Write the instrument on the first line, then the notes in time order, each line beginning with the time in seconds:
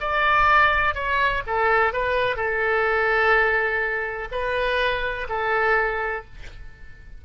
oboe
0.00 D5
0.94 C#5
1.46 A4
1.93 B4
2.36 A4
4.31 B4
5.29 A4